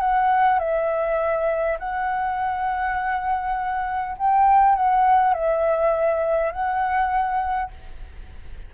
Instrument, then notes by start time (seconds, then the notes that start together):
flute
0.00 F#5
0.59 E5
1.79 F#5
4.17 G5
4.75 F#5
5.34 E5
6.52 F#5